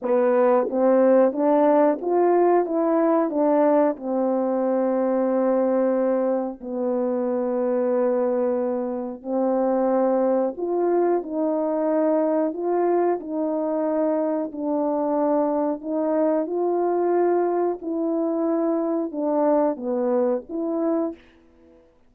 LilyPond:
\new Staff \with { instrumentName = "horn" } { \time 4/4 \tempo 4 = 91 b4 c'4 d'4 f'4 | e'4 d'4 c'2~ | c'2 b2~ | b2 c'2 |
f'4 dis'2 f'4 | dis'2 d'2 | dis'4 f'2 e'4~ | e'4 d'4 b4 e'4 | }